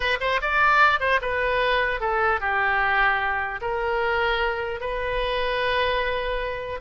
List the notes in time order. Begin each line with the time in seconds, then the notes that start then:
0.00 B4
0.20 C5
0.41 D5
1.00 C5
1.21 B4
2.00 A4
2.40 G4
3.61 A#4
4.80 B4